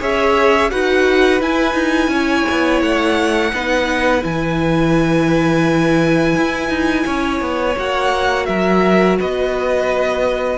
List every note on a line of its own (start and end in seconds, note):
0.00 0.72 C#4
0.00 0.71 G#4
0.00 0.71 C#5
0.00 0.71 E5
0.71 1.42 D#4
0.71 1.41 F#4
0.71 2.11 B4
0.71 1.42 F#5
1.41 3.53 E4
1.41 1.74 E4
1.41 2.83 G#5
1.74 2.08 D#4
2.08 2.44 C#4
2.08 3.52 C#5
2.52 2.82 B3
2.82 3.52 A3
2.82 4.24 F#5
3.53 4.24 B3
3.53 4.21 D#4
3.53 7.06 B4
4.21 6.36 E3
4.21 7.74 E4
4.21 7.78 G#5
6.38 6.69 E4
6.69 7.05 D#4
7.06 7.41 C#4
7.06 8.47 C#5
7.41 7.76 B3
7.76 8.49 A#3
7.76 10.58 F#4
7.76 8.46 F#5
8.46 9.19 F#3
8.46 9.19 A#4
8.46 9.17 E5
9.19 10.58 B3
9.19 10.58 B4
9.19 10.58 D#5